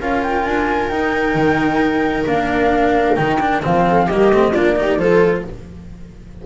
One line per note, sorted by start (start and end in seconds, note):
0.00 0.45 C#4
0.00 0.91 F4
0.00 3.87 A#4
0.00 0.22 F5
0.22 0.44 G5
0.44 0.90 D4
0.44 0.88 G#5
0.88 1.34 D#4
0.88 2.26 D#4
0.88 2.24 G5
1.34 2.25 D#3
2.26 3.17 A#3
2.26 3.16 D4
2.26 3.15 F5
3.15 3.63 D#3
3.15 3.39 D#4
3.15 3.61 G5
3.40 3.62 D4
3.62 4.10 F3
3.62 4.08 C4
3.62 4.08 F5
3.88 4.06 A4
4.06 4.29 G3
4.06 4.33 A#3
4.06 4.51 G4
4.06 4.54 D#5
4.29 4.52 A3
4.29 4.54 C4
4.52 4.98 A#3
4.52 4.76 D4
4.52 4.75 F4
4.52 4.99 D5
4.76 4.98 D#4
4.76 5.00 G4
4.98 5.43 F3
4.98 5.44 F4
4.98 5.46 A4
4.98 5.45 C5